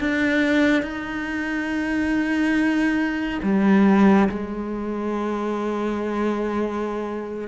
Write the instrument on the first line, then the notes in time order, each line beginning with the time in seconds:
cello
0.00 D4
0.83 D#4
3.43 G3
4.29 G#3